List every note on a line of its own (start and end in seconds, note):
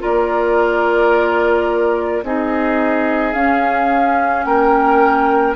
0.00 2.23 A#3
0.00 2.22 F4
0.00 2.24 A#4
0.00 2.24 D5
2.23 3.34 C4
2.23 3.34 D#4
2.23 4.46 G#4
2.23 3.33 D#5
3.33 4.45 C#4
3.33 5.56 C#4
3.33 4.44 F5
4.44 5.56 A#3
4.44 5.56 A#4
4.44 5.55 G5